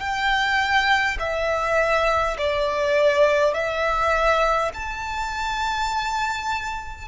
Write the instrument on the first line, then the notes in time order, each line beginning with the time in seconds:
violin
0.00 G5
1.20 E5
2.38 D5
3.55 E5
4.74 A5